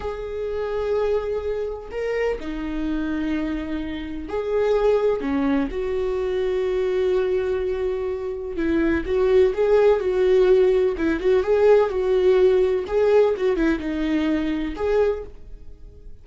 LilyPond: \new Staff \with { instrumentName = "viola" } { \time 4/4 \tempo 4 = 126 gis'1 | ais'4 dis'2.~ | dis'4 gis'2 cis'4 | fis'1~ |
fis'2 e'4 fis'4 | gis'4 fis'2 e'8 fis'8 | gis'4 fis'2 gis'4 | fis'8 e'8 dis'2 gis'4 | }